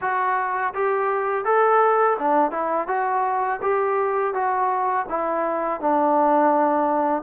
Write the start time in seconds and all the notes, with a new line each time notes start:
0.01 F#4
0.74 G4
1.45 A4
2.18 D4
2.51 E4
2.87 F#4
3.62 G4
4.33 F#4
5.09 E4
5.80 D4